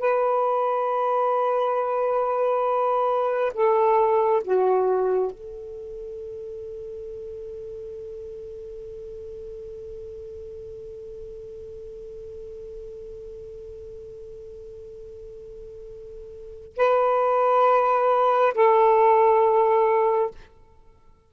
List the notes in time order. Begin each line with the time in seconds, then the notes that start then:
0.00 B4
3.54 A4
4.44 F#4
5.31 A4
16.77 B4
18.54 A4